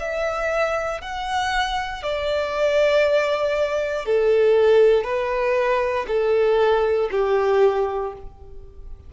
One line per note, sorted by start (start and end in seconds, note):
0.00 1.02 E5
1.02 2.03 F#5
2.03 4.06 D5
4.06 5.04 A4
5.04 6.06 B4
6.08 7.10 A4
7.12 8.14 G4